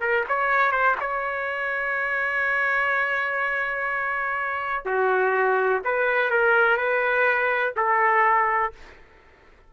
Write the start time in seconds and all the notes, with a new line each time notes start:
0.00 A#4
0.28 C#5
0.71 C5
1.00 C#5
4.85 F#4
5.84 B4
6.30 A#4
6.77 B4
7.76 A4